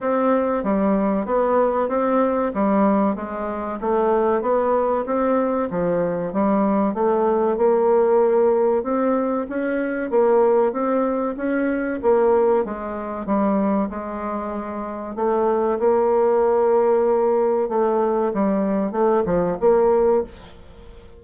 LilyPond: \new Staff \with { instrumentName = "bassoon" } { \time 4/4 \tempo 4 = 95 c'4 g4 b4 c'4 | g4 gis4 a4 b4 | c'4 f4 g4 a4 | ais2 c'4 cis'4 |
ais4 c'4 cis'4 ais4 | gis4 g4 gis2 | a4 ais2. | a4 g4 a8 f8 ais4 | }